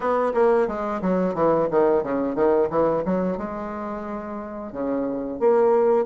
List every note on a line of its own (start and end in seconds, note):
0.00 0.32 B3
0.34 0.67 A#3
0.67 1.01 G#3
1.01 1.34 F#3
1.34 1.68 E3
1.70 2.03 D#3
2.03 2.35 C#3
2.35 2.68 D#3
2.70 3.03 E3
3.05 3.37 F#3
3.37 4.72 G#3
4.72 5.39 C#3
5.39 6.05 A#3